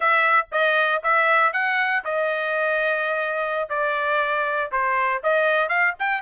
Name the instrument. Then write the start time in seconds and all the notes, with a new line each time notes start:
trumpet
0.00 E5
0.51 D#5
1.03 E5
1.53 F#5
2.04 D#5
3.69 D5
4.71 C5
5.23 D#5
5.68 F5
5.99 G5